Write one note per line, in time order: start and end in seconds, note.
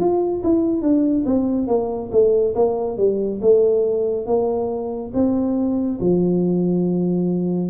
0.00 0.43 F4
0.44 0.82 E4
0.82 1.25 D4
1.26 1.68 C4
1.68 2.11 A#3
2.12 2.55 A3
2.55 2.98 A#3
2.98 3.41 G3
3.42 4.27 A3
4.27 5.12 A#3
5.14 6.00 C4
6.01 7.71 F3